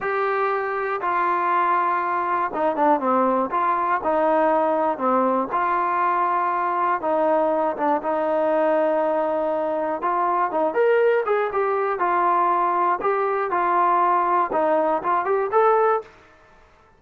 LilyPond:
\new Staff \with { instrumentName = "trombone" } { \time 4/4 \tempo 4 = 120 g'2 f'2~ | f'4 dis'8 d'8 c'4 f'4 | dis'2 c'4 f'4~ | f'2 dis'4. d'8 |
dis'1 | f'4 dis'8 ais'4 gis'8 g'4 | f'2 g'4 f'4~ | f'4 dis'4 f'8 g'8 a'4 | }